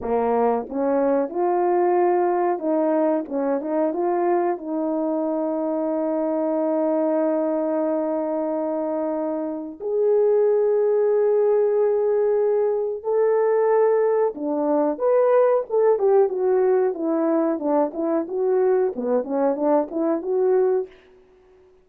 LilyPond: \new Staff \with { instrumentName = "horn" } { \time 4/4 \tempo 4 = 92 ais4 cis'4 f'2 | dis'4 cis'8 dis'8 f'4 dis'4~ | dis'1~ | dis'2. gis'4~ |
gis'1 | a'2 d'4 b'4 | a'8 g'8 fis'4 e'4 d'8 e'8 | fis'4 b8 cis'8 d'8 e'8 fis'4 | }